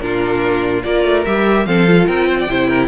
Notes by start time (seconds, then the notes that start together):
0.00 A#2 D4 F4 A#4
0.83 A#3 F4 A#4 D5
1.05 A3
1.25 G3 G4 E5
1.66 F3 C4 A4 F5
1.87 F4
2.07 C4 A#4 G5
2.27 C5
2.39 D5
2.47 C3 E4 C5
2.68 A#4